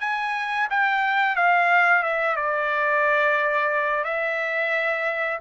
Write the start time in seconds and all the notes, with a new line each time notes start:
0.00 G#5
0.70 G5
1.35 F5
2.03 E5
2.36 D5
4.04 E5